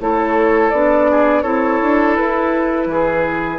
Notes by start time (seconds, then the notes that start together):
0.00 A3 E4 A4 C#5
0.70 B3 D4 D5
1.11 G#4
1.42 C4 E4 A4 C#5
1.82 D4
2.16 E4 B4
2.86 E3 G#4